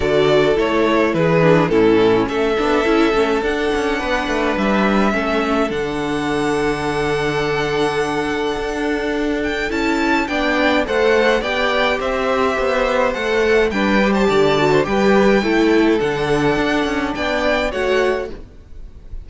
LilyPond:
<<
  \new Staff \with { instrumentName = "violin" } { \time 4/4 \tempo 4 = 105 d''4 cis''4 b'4 a'4 | e''2 fis''2 | e''2 fis''2~ | fis''1~ |
fis''8 g''8 a''4 g''4 fis''4 | g''4 e''2 fis''4 | g''8. a''4~ a''16 g''2 | fis''2 g''4 fis''4 | }
  \new Staff \with { instrumentName = "violin" } { \time 4/4 a'2 gis'4 e'4 | a'2. b'4~ | b'4 a'2.~ | a'1~ |
a'2 d''4 c''4 | d''4 c''2. | b'8. c''16 d''8. c''16 b'4 a'4~ | a'2 d''4 cis''4 | }
  \new Staff \with { instrumentName = "viola" } { \time 4/4 fis'4 e'4. d'8 cis'4~ | cis'8 d'8 e'8 cis'8 d'2~ | d'4 cis'4 d'2~ | d'1~ |
d'4 e'4 d'4 a'4 | g'2. a'4 | d'8 g'4 fis'8 g'4 e'4 | d'2. fis'4 | }
  \new Staff \with { instrumentName = "cello" } { \time 4/4 d4 a4 e4 a,4 | a8 b8 cis'8 a8 d'8 cis'8 b8 a8 | g4 a4 d2~ | d2. d'4~ |
d'4 cis'4 b4 a4 | b4 c'4 b4 a4 | g4 d4 g4 a4 | d4 d'8 cis'8 b4 a4 | }
>>